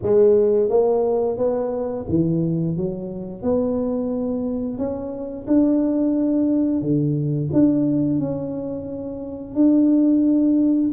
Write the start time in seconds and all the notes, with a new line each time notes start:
0.02 G#3
0.69 A#3
1.37 B3
2.08 E3
2.76 F#3
3.42 B3
4.78 C#4
5.47 D4
6.81 D3
7.52 D4
8.19 C#4
9.54 D4